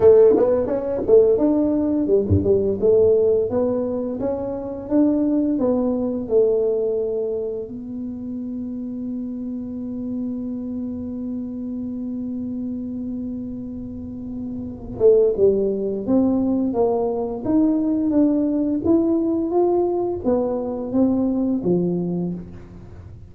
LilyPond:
\new Staff \with { instrumentName = "tuba" } { \time 4/4 \tempo 4 = 86 a8 b8 cis'8 a8 d'4 g16 g,16 g8 | a4 b4 cis'4 d'4 | b4 a2 b4~ | b1~ |
b1~ | b4. a8 g4 c'4 | ais4 dis'4 d'4 e'4 | f'4 b4 c'4 f4 | }